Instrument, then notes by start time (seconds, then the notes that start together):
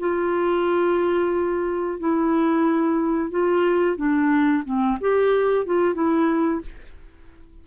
clarinet
0.00 F4
2.00 E4
3.31 F4
3.97 D4
4.65 C4
5.01 G4
5.66 F4
5.95 E4